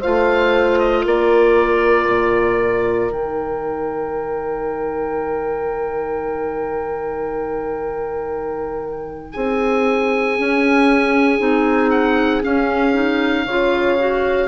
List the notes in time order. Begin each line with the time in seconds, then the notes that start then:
0.00 A3 F4 C5 F5
0.79 D#5
1.04 A#3 A#4 D5
2.08 A#2
3.10 D#3 D#4 G5
9.32 C4 G#4 G#5
10.38 C#4
11.39 C4 D#4
11.91 F#5
12.42 C#4 F5
12.93 D#4
13.45 C#3 F4 C#5
13.98 F#4